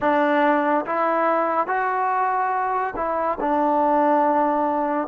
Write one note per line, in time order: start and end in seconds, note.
0.00 0.85 D4
0.85 1.67 E4
1.67 2.93 F#4
2.96 3.38 E4
3.40 5.07 D4